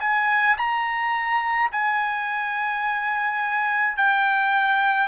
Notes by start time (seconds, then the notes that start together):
0.00 G#5
0.57 A#5
1.72 G#5
3.97 G5